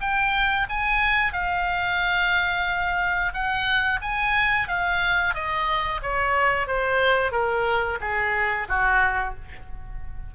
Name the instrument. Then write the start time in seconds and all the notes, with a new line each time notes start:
oboe
0.00 G5
0.68 G#5
1.32 F5
3.33 F#5
4.02 G#5
4.68 F5
5.34 D#5
6.02 C#5
6.67 C5
7.31 A#4
8.01 G#4
8.68 F#4